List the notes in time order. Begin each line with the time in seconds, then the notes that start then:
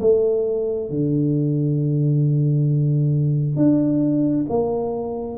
0.00 A3
0.90 D3
3.56 D4
4.49 A#3